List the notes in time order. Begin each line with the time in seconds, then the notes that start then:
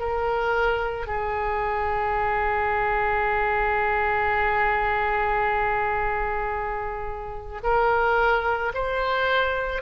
0.00 A#4
1.07 G#4
7.64 A#4
8.74 C5